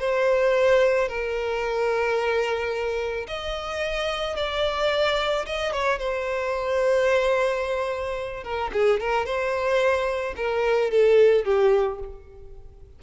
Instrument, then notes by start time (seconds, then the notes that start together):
violin
0.00 C5
1.09 A#4
3.28 D#5
4.37 D5
5.46 D#5
5.73 C#5
5.99 C5
8.44 A#4
8.73 G#4
9.00 A#4
9.26 C5
10.37 A#4
10.91 A4
11.45 G4